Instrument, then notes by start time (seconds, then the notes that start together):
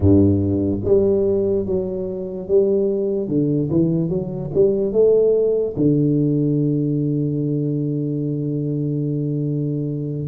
tuba
0.00 G2
0.84 G3
1.66 F#3
2.48 G3
3.28 D3
3.70 E3
4.09 F#3
4.54 G3
4.92 A3
5.76 D3